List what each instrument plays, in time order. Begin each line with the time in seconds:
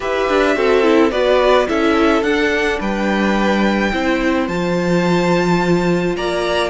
0.00 cello E4, viola G4, violin B4 E5
0.29 cello D4
0.55 cello C4, viola F#4, violin A4
0.82 viola E4
1.11 cello B3, viola F#4, violin B4 D5
1.67 cello C#4, viola E4, violin A4 E5
2.22 cello D4, viola D4, violin F#5
2.79 cello G3, violin B4 G5
3.92 cello C4, viola E4, violin C5
4.47 cello F3, viola F4, violin A5
6.16 cello A#3, violin D5 A#5